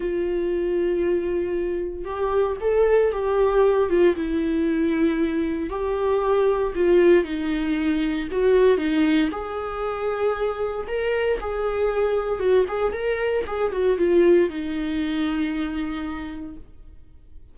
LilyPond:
\new Staff \with { instrumentName = "viola" } { \time 4/4 \tempo 4 = 116 f'1 | g'4 a'4 g'4. f'8 | e'2. g'4~ | g'4 f'4 dis'2 |
fis'4 dis'4 gis'2~ | gis'4 ais'4 gis'2 | fis'8 gis'8 ais'4 gis'8 fis'8 f'4 | dis'1 | }